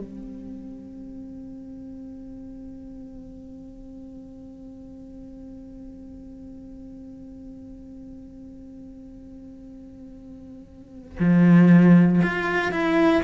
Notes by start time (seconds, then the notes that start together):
0.00 C4
11.20 F3
12.24 F4
12.72 E4